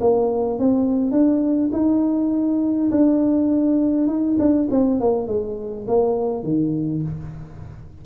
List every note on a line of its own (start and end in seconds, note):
0.00 0.59 A#3
0.59 1.11 C4
1.11 1.70 D4
1.72 2.90 D#4
2.91 4.07 D4
4.07 4.37 D#4
4.39 4.68 D4
4.70 5.00 C4
5.00 5.27 A#3
5.27 5.86 G#3
5.87 6.43 A#3
6.43 7.02 D#3